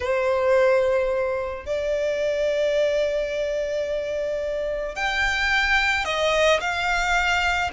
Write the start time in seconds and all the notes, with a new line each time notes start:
0.00 C5
1.65 D5
4.95 G5
6.04 D#5
6.60 F5